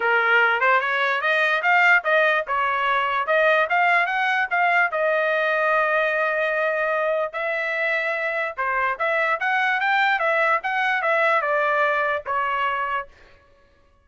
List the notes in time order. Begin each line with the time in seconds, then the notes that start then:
0.00 A#4
0.60 C5
0.80 C#5
1.21 D#5
1.62 F5
2.04 D#5
2.47 C#5
3.27 D#5
3.69 F5
4.06 F#5
4.50 F5
4.91 D#5
7.32 E5
8.57 C5
8.98 E5
9.40 F#5
9.80 G5
10.19 E5
10.63 F#5
11.01 E5
11.41 D5
12.25 C#5